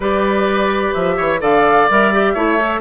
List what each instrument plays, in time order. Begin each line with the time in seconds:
0.00 bassoon G3, clarinet G4, oboe B4, flute D5
0.93 bassoon F3, flute E5
1.16 bassoon E3, oboe C#5
1.39 bassoon D3, clarinet A4, oboe D5, flute F5
1.90 bassoon G3, clarinet A#4, flute E5
2.12 clarinet G4
2.33 bassoon A3, clarinet E4, oboe C#5
2.57 clarinet A4